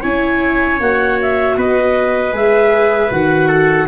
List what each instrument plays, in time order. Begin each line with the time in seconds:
0.00 tuba C#4, viola E4, trumpet C#5, clarinet G#5
0.80 tuba A#3, viola F#4, clarinet F#5
1.21 clarinet E5
1.56 tuba B3, trumpet B4, clarinet D#5
2.32 tuba G#3, viola G#4, clarinet E5
3.10 tuba D#3, viola F#4, clarinet F#5
3.48 trumpet A4